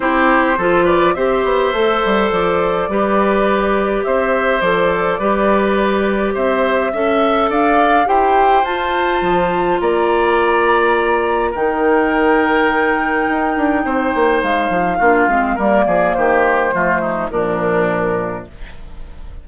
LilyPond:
<<
  \new Staff \with { instrumentName = "flute" } { \time 4/4 \tempo 4 = 104 c''4. d''8 e''2 | d''2. e''4 | d''2. e''4~ | e''4 f''4 g''4 a''4~ |
a''4 ais''2. | g''1~ | g''4 f''2 d''4 | c''2 ais'2 | }
  \new Staff \with { instrumentName = "oboe" } { \time 4/4 g'4 a'8 b'8 c''2~ | c''4 b'2 c''4~ | c''4 b'2 c''4 | e''4 d''4 c''2~ |
c''4 d''2. | ais'1 | c''2 f'4 ais'8 gis'8 | g'4 f'8 dis'8 d'2 | }
  \new Staff \with { instrumentName = "clarinet" } { \time 4/4 e'4 f'4 g'4 a'4~ | a'4 g'2. | a'4 g'2. | a'2 g'4 f'4~ |
f'1 | dis'1~ | dis'2 d'8 c'8 ais4~ | ais4 a4 f2 | }
  \new Staff \with { instrumentName = "bassoon" } { \time 4/4 c'4 f4 c'8 b8 a8 g8 | f4 g2 c'4 | f4 g2 c'4 | cis'4 d'4 e'4 f'4 |
f4 ais2. | dis2. dis'8 d'8 | c'8 ais8 gis8 f8 ais8 gis8 g8 f8 | dis4 f4 ais,2 | }
>>